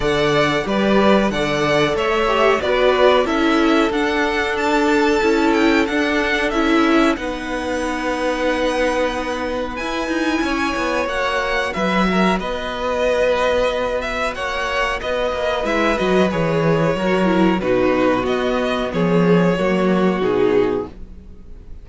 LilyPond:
<<
  \new Staff \with { instrumentName = "violin" } { \time 4/4 \tempo 4 = 92 fis''4 d''4 fis''4 e''4 | d''4 e''4 fis''4 a''4~ | a''8 g''8 fis''4 e''4 fis''4~ | fis''2. gis''4~ |
gis''4 fis''4 e''4 dis''4~ | dis''4. e''8 fis''4 dis''4 | e''8 dis''8 cis''2 b'4 | dis''4 cis''2 gis'4 | }
  \new Staff \with { instrumentName = "violin" } { \time 4/4 d''4 b'4 d''4 cis''4 | b'4 a'2.~ | a'2. b'4~ | b'1 |
cis''2 b'8 ais'8 b'4~ | b'2 cis''4 b'4~ | b'2 ais'4 fis'4~ | fis'4 gis'4 fis'2 | }
  \new Staff \with { instrumentName = "viola" } { \time 4/4 a'4 g'4 a'4. g'8 | fis'4 e'4 d'2 | e'4 d'4 e'4 dis'4~ | dis'2. e'4~ |
e'4 fis'2.~ | fis'1 | e'8 fis'8 gis'4 fis'8 e'8 dis'4 | b2 ais4 dis'4 | }
  \new Staff \with { instrumentName = "cello" } { \time 4/4 d4 g4 d4 a4 | b4 cis'4 d'2 | cis'4 d'4 cis'4 b4~ | b2. e'8 dis'8 |
cis'8 b8 ais4 fis4 b4~ | b2 ais4 b8 ais8 | gis8 fis8 e4 fis4 b,4 | b4 f4 fis4 b,4 | }
>>